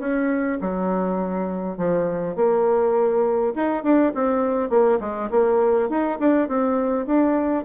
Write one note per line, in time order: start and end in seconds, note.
0.00 0.59 C#4
0.61 1.78 F#3
1.78 2.36 F3
2.36 3.54 A#3
3.56 3.84 D#4
3.84 4.13 D4
4.15 4.70 C4
4.70 5.00 A#3
5.01 5.30 G#3
5.31 5.90 A#3
5.90 6.19 D#4
6.20 6.49 D4
6.49 7.07 C4
7.07 7.65 D4